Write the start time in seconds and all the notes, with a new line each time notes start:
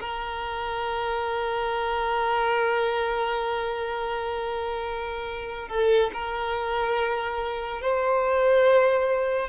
0.00 A#4
5.69 A4
6.13 A#4
7.81 C5